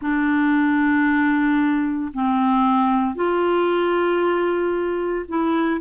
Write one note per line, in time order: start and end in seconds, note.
0.01 2.11 D4
2.13 3.15 C4
3.15 5.25 F4
5.28 5.80 E4